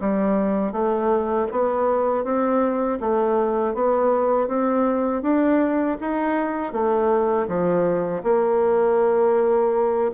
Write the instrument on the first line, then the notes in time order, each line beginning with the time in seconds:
bassoon
0.00 G3
0.72 A3
1.51 B3
2.24 C4
3.00 A3
3.74 B3
4.48 C4
5.22 D4
6.00 D#4
6.72 A3
7.48 F3
8.23 A#3